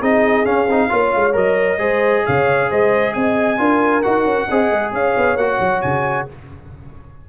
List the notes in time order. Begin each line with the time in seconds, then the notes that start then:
0.00 C4 D#4 G#4 D#5
0.45 C#4 F5
0.67 C4 D#4
0.90 A#3 F4 C#5
1.16 G#3
1.33 F#3 A#4 D#5
1.79 G#3 G#4 C5
2.26 C#3 C#5 F5
2.69 G#3 C5 D#5
3.14 C4 D#5 G#5
3.58 D4 F4 A#4
4.02 D#4 F#4 F#5
4.25 C#4
4.48 C4 G#4 D#5
4.72 G#3
4.93 C#4 C#5 F5
5.17 B3
5.36 A#3 F#4 F#5
5.60 F#3
5.82 C#3 G#5